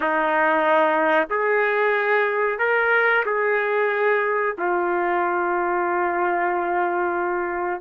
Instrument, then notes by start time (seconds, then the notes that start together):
trumpet
0.00 D#4
1.30 G#4
2.58 A#4
3.25 G#4
4.57 F4